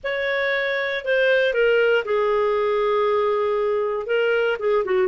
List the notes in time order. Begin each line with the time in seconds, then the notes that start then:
0.03 C#5
1.04 C5
1.53 A#4
2.05 G#4
4.06 A#4
4.59 G#4
4.84 F#4